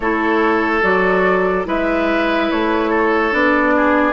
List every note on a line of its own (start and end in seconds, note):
0.00 0.82 A3
0.00 0.82 E4
0.00 1.67 A4
0.00 0.81 C#5
0.82 1.66 F#3
0.82 1.65 F#4
0.82 1.65 D5
1.65 2.49 G#3
1.65 3.31 E4
1.65 2.90 B4
1.65 2.50 E5
2.50 3.32 A3
2.50 3.33 C#5
2.90 3.73 A4
3.31 4.12 B3
3.31 4.12 D4
3.31 4.12 D5
3.76 4.12 G#4